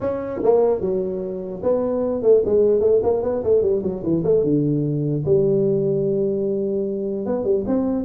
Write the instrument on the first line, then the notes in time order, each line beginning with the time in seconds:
tuba
0.00 C#4
0.43 A#3
0.80 F#3
1.63 B3
2.22 A3
2.45 G#3
2.80 A3
3.03 A#3
3.23 B3
3.43 A3
3.62 G3
3.83 F#3
4.03 E3
4.23 A3
4.43 D3
5.25 G3
7.25 B3
7.44 G3
7.66 C4